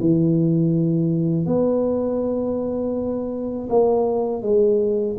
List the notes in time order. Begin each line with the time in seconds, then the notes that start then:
0.00 E3
1.46 B3
3.69 A#3
4.42 G#3